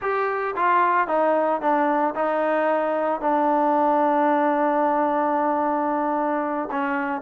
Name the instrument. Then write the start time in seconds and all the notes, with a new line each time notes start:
trombone
0.01 G4
0.56 F4
1.07 D#4
1.61 D4
2.15 D#4
3.20 D4
6.71 C#4